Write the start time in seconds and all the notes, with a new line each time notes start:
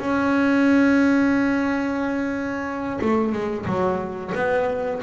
0.00 C#4
3.02 A3
3.33 G#3
3.66 F#3
4.35 B3